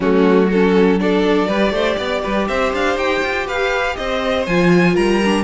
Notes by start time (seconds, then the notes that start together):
0.00 F#3 A3 C#4 F#4
0.46 F#4 A4
0.53 C#4
0.99 D4 A4 D5
1.47 G3 G4 B4
1.70 A3 C5
1.96 B3 D5
2.23 G3 B4
2.48 C4 C5 E5
2.72 D4 F5
2.96 D#4 G5
3.22 F4
3.46 G4 B4 F5
3.96 C4 C5 D#5
4.46 F3 F4 G#5
4.94 G3 A#4 A#5
5.24 D4